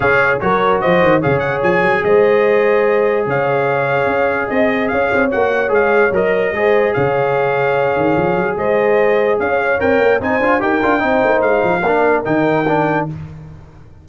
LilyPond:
<<
  \new Staff \with { instrumentName = "trumpet" } { \time 4/4 \tempo 4 = 147 f''4 cis''4 dis''4 f''8 fis''8 | gis''4 dis''2. | f''2. dis''4 | f''4 fis''4 f''4 dis''4~ |
dis''4 f''2.~ | f''4 dis''2 f''4 | g''4 gis''4 g''2 | f''2 g''2 | }
  \new Staff \with { instrumentName = "horn" } { \time 4/4 cis''4 ais'4 c''4 cis''4~ | cis''4 c''2. | cis''2. dis''4 | cis''1 |
c''4 cis''2.~ | cis''4 c''2 cis''4~ | cis''4 c''4 ais'4 c''4~ | c''4 ais'2. | }
  \new Staff \with { instrumentName = "trombone" } { \time 4/4 gis'4 fis'2 gis'4~ | gis'1~ | gis'1~ | gis'4 fis'4 gis'4 ais'4 |
gis'1~ | gis'1 | ais'4 dis'8 f'8 g'8 f'8 dis'4~ | dis'4 d'4 dis'4 d'4 | }
  \new Staff \with { instrumentName = "tuba" } { \time 4/4 cis4 fis4 f8 dis8 cis4 | f8 fis8 gis2. | cis2 cis'4 c'4 | cis'8 c'8 ais4 gis4 fis4 |
gis4 cis2~ cis8 dis8 | f8 fis8 gis2 cis'4 | c'8 ais8 c'8 d'8 dis'8 d'8 c'8 ais8 | gis8 f8 ais4 dis2 | }
>>